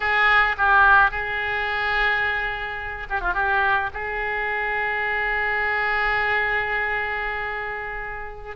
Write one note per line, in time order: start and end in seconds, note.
0.00 0.56 G#4
0.57 1.10 G4
1.10 3.07 G#4
3.09 3.20 G4
3.20 3.34 F4
3.34 3.90 G4
3.93 8.56 G#4